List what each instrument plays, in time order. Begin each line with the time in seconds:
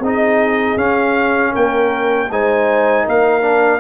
0.00 tuba C4, trombone D#4, horn G#4
0.06 trumpet D#5
0.76 tuba C#4, trombone C#4, trumpet F5
1.52 tuba A#3, horn A#4, trumpet G5
2.30 tuba G#3, trombone D#4, horn C5, trumpet G#5
3.05 tuba A#3, horn A#4, trumpet F5
3.42 trombone D4